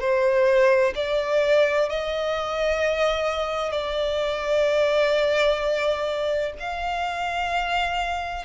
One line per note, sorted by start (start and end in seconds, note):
0.00 0.94 C5
0.95 1.89 D5
1.89 3.72 D#5
3.72 6.53 D5
6.60 8.45 F5